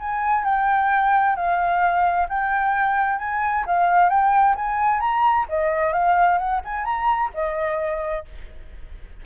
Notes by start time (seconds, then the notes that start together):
0.00 G#5
0.45 G5
1.37 F5
2.29 G5
3.19 G#5
3.67 F5
4.10 G5
4.56 G#5
5.01 A#5
5.49 D#5
5.93 F5
6.39 F#5
6.65 G#5
6.85 A#5
7.34 D#5